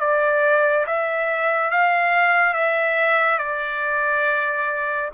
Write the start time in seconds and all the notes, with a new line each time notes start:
0.00 D5
0.86 E5
1.71 F5
2.54 E5
3.39 D5